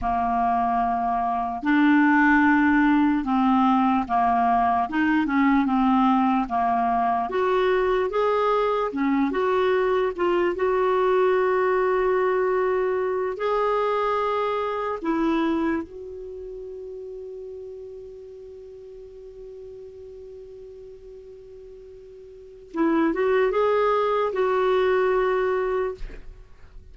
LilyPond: \new Staff \with { instrumentName = "clarinet" } { \time 4/4 \tempo 4 = 74 ais2 d'2 | c'4 ais4 dis'8 cis'8 c'4 | ais4 fis'4 gis'4 cis'8 fis'8~ | fis'8 f'8 fis'2.~ |
fis'8 gis'2 e'4 fis'8~ | fis'1~ | fis'1 | e'8 fis'8 gis'4 fis'2 | }